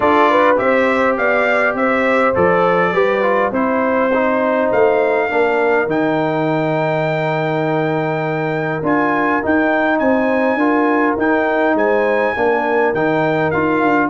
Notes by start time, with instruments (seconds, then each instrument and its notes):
0.00 tuba D4, trombone F4, horn A4, trumpet D5
0.30 horn B4
0.57 tuba C4, trombone G4, horn C5, trumpet E5
1.17 tuba B3, horn D5, trumpet F5
1.74 tuba C4, horn C5, trumpet E5
2.34 tuba F3, trombone A4, trumpet D5
2.93 tuba G3, trombone G4, horn B4
3.22 trombone F4
3.50 tuba C4, trombone E4, horn C5, trumpet C5
4.13 trombone D#4
4.71 tuba A3, trumpet F5
5.28 tuba A#3, trombone D4, horn A#4
5.86 tuba D#3, trombone D#4, trumpet G5
8.82 tuba D4, trombone F4, trumpet G#5
9.42 trombone D#4, tuba D#4, trumpet G5
9.99 tuba C4, horn C5, trumpet G#5
10.55 tuba D4, trombone F4, horn A#4
11.17 tuba D#4, trombone D#4, trumpet G5
11.74 tuba G#3, horn C5, trumpet G#5
12.35 tuba A#3, trombone D4, horn A#4
12.93 tuba D#3, trombone D#4, trumpet G5
13.50 tuba D#4, trombone F4, trumpet F5
13.82 tuba D4